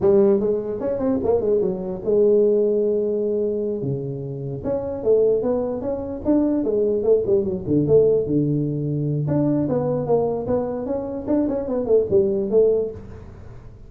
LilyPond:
\new Staff \with { instrumentName = "tuba" } { \time 4/4 \tempo 4 = 149 g4 gis4 cis'8 c'8 ais8 gis8 | fis4 gis2.~ | gis4. cis2 cis'8~ | cis'8 a4 b4 cis'4 d'8~ |
d'8 gis4 a8 g8 fis8 d8 a8~ | a8 d2~ d8 d'4 | b4 ais4 b4 cis'4 | d'8 cis'8 b8 a8 g4 a4 | }